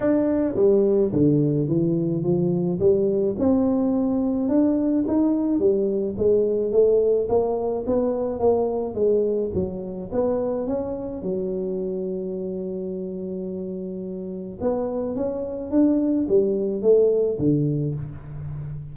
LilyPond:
\new Staff \with { instrumentName = "tuba" } { \time 4/4 \tempo 4 = 107 d'4 g4 d4 e4 | f4 g4 c'2 | d'4 dis'4 g4 gis4 | a4 ais4 b4 ais4 |
gis4 fis4 b4 cis'4 | fis1~ | fis2 b4 cis'4 | d'4 g4 a4 d4 | }